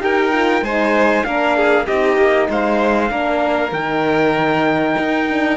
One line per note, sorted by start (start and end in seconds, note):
0.00 0.61 D#4
0.00 0.31 G4
0.00 0.64 A#4
0.00 0.64 G5
0.32 0.63 F4
0.61 1.23 G#3
0.61 1.25 D#4
0.61 1.25 C5
0.61 1.24 G#5
1.24 1.87 A#3
1.24 1.86 D4
1.24 1.56 A#4
1.24 1.86 F5
1.56 1.86 G#4
1.86 2.17 C4
1.86 3.09 D#4
1.86 2.48 G4
1.86 2.48 D#5
2.17 2.48 A#3
2.49 3.10 G#3
2.49 3.11 C5
2.49 3.73 F5
3.09 3.72 A#3
3.09 3.71 D4
3.09 5.57 A#4
3.72 4.96 D#3
3.72 5.28 D#4
3.72 5.57 G5
4.98 5.57 D#4
5.29 5.57 D4